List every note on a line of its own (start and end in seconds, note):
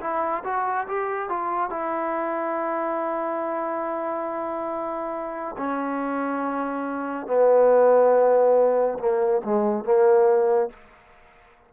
0.00 0.43 E4
0.44 0.86 F#4
0.87 1.29 G4
1.29 1.70 F4
1.70 5.56 E4
5.57 7.27 C#4
7.27 8.98 B3
8.99 9.42 A#3
9.44 9.84 G#3
9.84 10.70 A#3